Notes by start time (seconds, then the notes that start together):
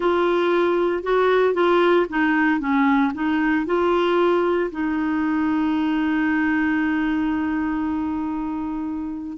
0.00 F4
1.03 F#4
1.54 F4
2.09 D#4
2.60 C#4
3.14 D#4
3.66 F4
4.71 D#4